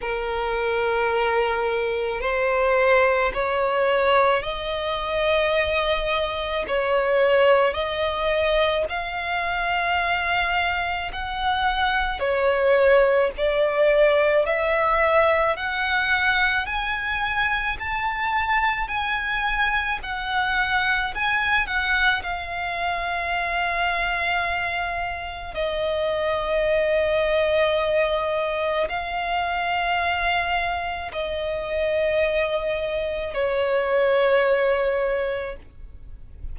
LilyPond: \new Staff \with { instrumentName = "violin" } { \time 4/4 \tempo 4 = 54 ais'2 c''4 cis''4 | dis''2 cis''4 dis''4 | f''2 fis''4 cis''4 | d''4 e''4 fis''4 gis''4 |
a''4 gis''4 fis''4 gis''8 fis''8 | f''2. dis''4~ | dis''2 f''2 | dis''2 cis''2 | }